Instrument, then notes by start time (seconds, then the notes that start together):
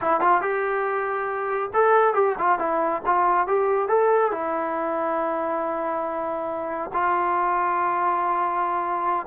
trombone
0.01 E4
0.20 F4
0.41 G4
1.73 A4
2.13 G4
2.38 F4
2.59 E4
3.05 F4
3.47 G4
3.88 A4
4.31 E4
6.93 F4